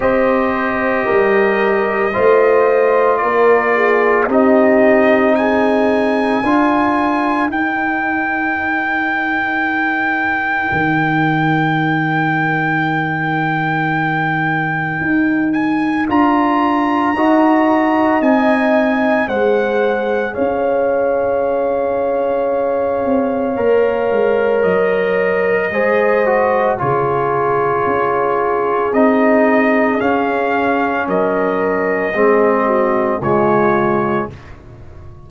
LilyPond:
<<
  \new Staff \with { instrumentName = "trumpet" } { \time 4/4 \tempo 4 = 56 dis''2. d''4 | dis''4 gis''2 g''4~ | g''1~ | g''2~ g''8 gis''8 ais''4~ |
ais''4 gis''4 fis''4 f''4~ | f''2. dis''4~ | dis''4 cis''2 dis''4 | f''4 dis''2 cis''4 | }
  \new Staff \with { instrumentName = "horn" } { \time 4/4 c''4 ais'4 c''4 ais'8 gis'8 | g'4 gis'4 ais'2~ | ais'1~ | ais'1 |
dis''2 c''4 cis''4~ | cis''1 | c''4 gis'2.~ | gis'4 ais'4 gis'8 fis'8 f'4 | }
  \new Staff \with { instrumentName = "trombone" } { \time 4/4 g'2 f'2 | dis'2 f'4 dis'4~ | dis'1~ | dis'2. f'4 |
fis'4 dis'4 gis'2~ | gis'2 ais'2 | gis'8 fis'8 f'2 dis'4 | cis'2 c'4 gis4 | }
  \new Staff \with { instrumentName = "tuba" } { \time 4/4 c'4 g4 a4 ais4 | c'2 d'4 dis'4~ | dis'2 dis2~ | dis2 dis'4 d'4 |
dis'4 c'4 gis4 cis'4~ | cis'4. c'8 ais8 gis8 fis4 | gis4 cis4 cis'4 c'4 | cis'4 fis4 gis4 cis4 | }
>>